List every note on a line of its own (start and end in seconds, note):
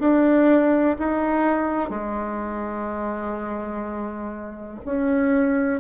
0.00 0.97 D4
0.99 1.90 D#4
1.90 4.81 G#3
4.86 5.81 C#4